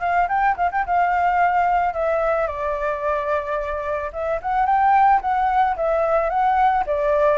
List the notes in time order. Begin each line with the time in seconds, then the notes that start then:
0.00 F5
0.28 G5
0.57 F5
0.72 G5
0.86 F5
1.93 E5
2.47 D5
4.13 E5
4.42 F#5
4.66 G5
5.21 F#5
5.76 E5
6.30 F#5
6.86 D5